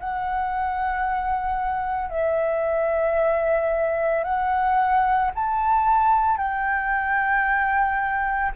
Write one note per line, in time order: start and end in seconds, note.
0.00 2.10 F#5
2.10 4.24 E5
4.24 5.31 F#5
5.35 6.38 A5
6.38 8.52 G5